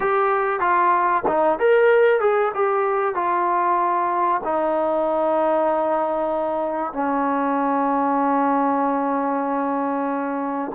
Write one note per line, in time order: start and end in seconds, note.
0.00 0.60 G4
0.60 1.23 F4
1.27 1.59 D#4
1.59 2.20 A#4
2.20 2.51 G#4
2.54 3.14 G4
3.14 4.41 F4
4.44 6.92 D#4
6.92 10.71 C#4